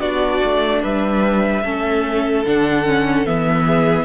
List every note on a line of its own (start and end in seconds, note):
0.00 0.41 B3
0.00 1.64 D4
0.00 0.82 F#4
0.00 0.81 D5
0.44 0.83 A3
0.82 1.64 G3
0.82 1.63 B4
0.82 2.46 E5
1.63 2.45 A3
1.63 2.46 C#4
1.63 3.65 A4
2.46 3.26 D3
2.46 2.86 D4
2.46 3.26 F#5
2.86 3.27 C#4
3.26 4.05 E3
3.26 4.05 B3
3.26 4.05 E5
3.65 4.05 G#4